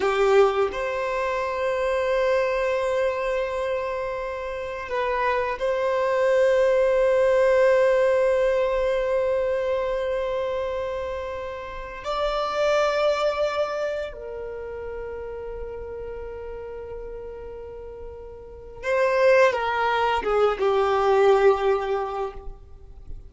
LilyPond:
\new Staff \with { instrumentName = "violin" } { \time 4/4 \tempo 4 = 86 g'4 c''2.~ | c''2. b'4 | c''1~ | c''1~ |
c''4~ c''16 d''2~ d''8.~ | d''16 ais'2.~ ais'8.~ | ais'2. c''4 | ais'4 gis'8 g'2~ g'8 | }